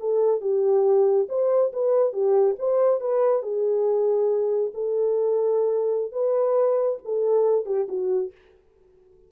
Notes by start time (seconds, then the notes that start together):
0.00 A4
0.41 G4
1.29 C5
1.73 B4
2.13 G4
2.59 C5
3.01 B4
3.43 G#4
4.74 A4
6.12 B4
7.05 A4
7.66 G4
7.89 F#4